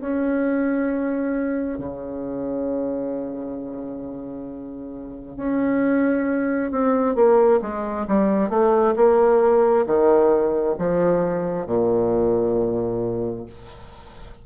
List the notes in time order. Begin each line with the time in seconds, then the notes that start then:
0.00 C#4
1.78 C#3
5.36 C#4
6.71 C4
7.15 A#3
7.61 G#3
8.07 G3
8.49 A3
8.96 A#3
9.86 D#3
10.78 F3
11.66 A#2